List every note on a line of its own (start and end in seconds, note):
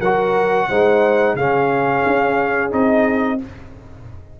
0.00 0.68 F#3
0.00 0.70 F#4
0.00 0.67 A#4
0.00 1.35 F#5
0.69 1.35 G#3
0.69 1.38 D#4
0.69 1.36 C5
1.35 2.02 C#3
1.35 2.70 C#4
1.35 3.38 G#4
1.35 2.71 F5
2.05 2.72 C#4
2.70 3.40 C4
2.70 3.37 D#4
2.70 3.40 D#5